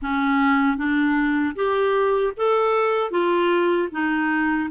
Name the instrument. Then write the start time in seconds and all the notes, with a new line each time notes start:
clarinet
0.01 C#4
0.77 D4
1.55 G4
2.36 A4
3.10 F4
3.91 D#4